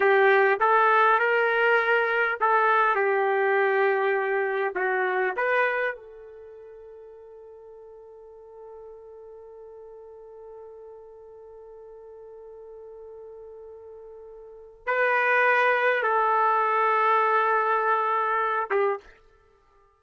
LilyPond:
\new Staff \with { instrumentName = "trumpet" } { \time 4/4 \tempo 4 = 101 g'4 a'4 ais'2 | a'4 g'2. | fis'4 b'4 a'2~ | a'1~ |
a'1~ | a'1~ | a'4 b'2 a'4~ | a'2.~ a'8 g'8 | }